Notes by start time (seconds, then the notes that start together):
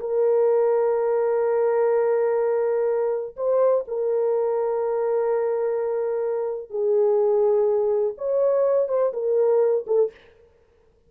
0.00 A#4
3.36 C5
3.87 A#4
6.70 G#4
8.18 C#5
8.88 C5
9.13 A#4
9.87 A4